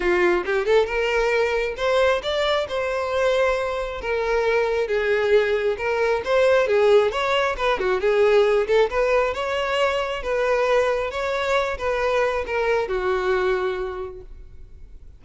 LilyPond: \new Staff \with { instrumentName = "violin" } { \time 4/4 \tempo 4 = 135 f'4 g'8 a'8 ais'2 | c''4 d''4 c''2~ | c''4 ais'2 gis'4~ | gis'4 ais'4 c''4 gis'4 |
cis''4 b'8 fis'8 gis'4. a'8 | b'4 cis''2 b'4~ | b'4 cis''4. b'4. | ais'4 fis'2. | }